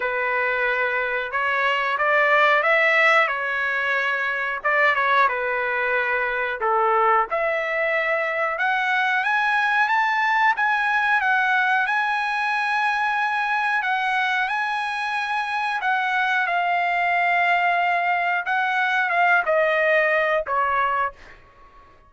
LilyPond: \new Staff \with { instrumentName = "trumpet" } { \time 4/4 \tempo 4 = 91 b'2 cis''4 d''4 | e''4 cis''2 d''8 cis''8 | b'2 a'4 e''4~ | e''4 fis''4 gis''4 a''4 |
gis''4 fis''4 gis''2~ | gis''4 fis''4 gis''2 | fis''4 f''2. | fis''4 f''8 dis''4. cis''4 | }